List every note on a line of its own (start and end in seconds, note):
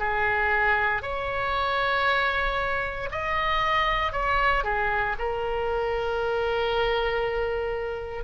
0.00 1.03 G#4
1.03 3.10 C#5
3.12 4.12 D#5
4.12 4.64 C#5
4.65 5.16 G#4
5.19 8.24 A#4